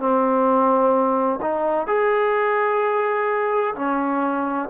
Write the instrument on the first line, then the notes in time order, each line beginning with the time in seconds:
trombone
0.00 C4
1.42 D#4
1.87 G#4
3.76 C#4